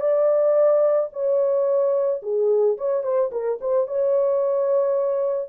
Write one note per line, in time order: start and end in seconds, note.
0.00 1.09 D5
1.12 2.21 C#5
2.22 2.77 G#4
2.77 3.03 C#5
3.03 3.30 C5
3.31 3.59 A#4
3.60 3.87 C5
3.87 5.48 C#5